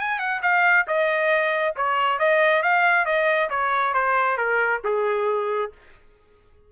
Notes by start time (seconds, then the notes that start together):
0.00 G#5
0.19 F#5
0.42 F5
0.87 D#5
1.76 C#5
2.19 D#5
2.63 F5
3.06 D#5
3.50 C#5
3.94 C5
4.38 A#4
4.84 G#4